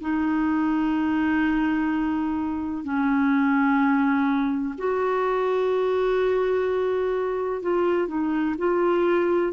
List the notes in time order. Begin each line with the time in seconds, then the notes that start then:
0.00 D#4
2.84 C#4
4.77 F#4
7.61 F4
8.07 D#4
8.58 F4